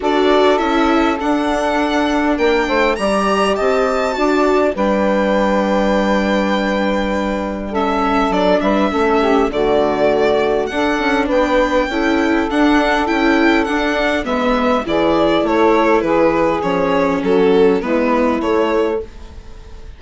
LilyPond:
<<
  \new Staff \with { instrumentName = "violin" } { \time 4/4 \tempo 4 = 101 d''4 e''4 fis''2 | g''4 ais''4 a''2 | g''1~ | g''4 e''4 d''8 e''4. |
d''2 fis''4 g''4~ | g''4 fis''4 g''4 fis''4 | e''4 d''4 cis''4 b'4 | cis''4 a'4 b'4 cis''4 | }
  \new Staff \with { instrumentName = "saxophone" } { \time 4/4 a'1 | ais'8 c''8 d''4 dis''4 d''4 | b'1~ | b'4 a'4. b'8 a'8 g'8 |
fis'2 a'4 b'4 | a'1 | b'4 gis'4 a'4 gis'4~ | gis'4 fis'4 e'2 | }
  \new Staff \with { instrumentName = "viola" } { \time 4/4 fis'4 e'4 d'2~ | d'4 g'2 fis'4 | d'1~ | d'4 cis'4 d'4 cis'4 |
a2 d'2 | e'4 d'4 e'4 d'4 | b4 e'2. | cis'2 b4 a4 | }
  \new Staff \with { instrumentName = "bassoon" } { \time 4/4 d'4 cis'4 d'2 | ais8 a8 g4 c'4 d'4 | g1~ | g2 fis8 g8 a4 |
d2 d'8 cis'8 b4 | cis'4 d'4 cis'4 d'4 | gis4 e4 a4 e4 | f4 fis4 gis4 a4 | }
>>